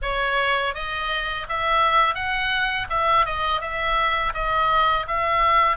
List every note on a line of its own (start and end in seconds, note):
0.02 0.74 C#5
0.74 1.46 D#5
1.49 2.15 E5
2.15 2.87 F#5
2.89 3.25 E5
3.25 3.60 D#5
3.60 4.33 E5
4.33 5.06 D#5
5.07 5.76 E5